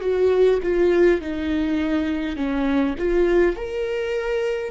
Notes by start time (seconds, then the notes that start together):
0.00 F#4
0.62 F4
1.21 D#4
2.36 C#4
2.98 F4
3.56 A#4